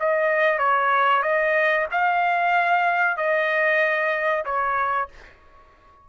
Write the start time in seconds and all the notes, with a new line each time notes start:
0.00 D#5
0.59 C#5
1.23 D#5
1.91 F5
3.17 D#5
4.45 C#5